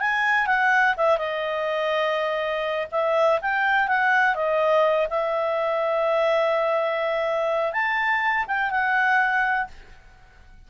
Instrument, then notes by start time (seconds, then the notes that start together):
clarinet
0.00 G#5
0.47 F#5
0.97 E5
1.18 D#5
2.92 E5
3.42 G5
3.88 F#5
4.35 D#5
5.10 E5
7.73 A5
8.48 G5
8.71 F#5